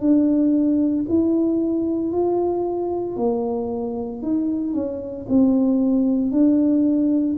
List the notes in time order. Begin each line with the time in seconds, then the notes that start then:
0.00 D4
1.09 E4
2.12 F4
3.17 A#3
4.22 D#4
4.74 C#4
5.29 C4
6.32 D4